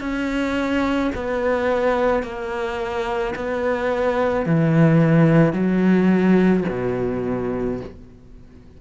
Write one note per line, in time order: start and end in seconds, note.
0.00 1.11 C#4
1.15 2.23 B3
2.23 3.34 A#3
3.35 4.45 B3
4.45 5.53 E3
5.53 6.64 F#3
6.69 7.80 B2